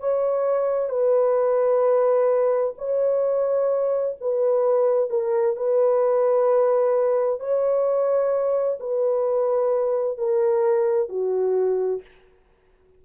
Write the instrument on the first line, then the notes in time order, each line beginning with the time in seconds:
horn
0.00 C#5
0.90 B4
2.78 C#5
4.21 B4
5.10 A#4
5.56 B4
7.40 C#5
8.80 B4
10.18 A#4
11.09 F#4